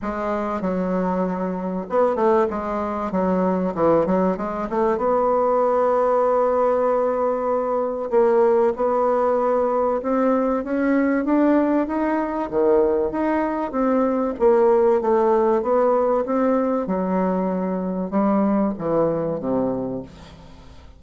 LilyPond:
\new Staff \with { instrumentName = "bassoon" } { \time 4/4 \tempo 4 = 96 gis4 fis2 b8 a8 | gis4 fis4 e8 fis8 gis8 a8 | b1~ | b4 ais4 b2 |
c'4 cis'4 d'4 dis'4 | dis4 dis'4 c'4 ais4 | a4 b4 c'4 fis4~ | fis4 g4 e4 c4 | }